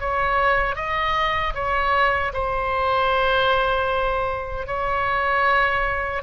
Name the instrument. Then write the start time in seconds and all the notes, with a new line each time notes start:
oboe
0.00 C#5
0.75 D#5
1.54 C#5
2.33 C5
4.66 C#5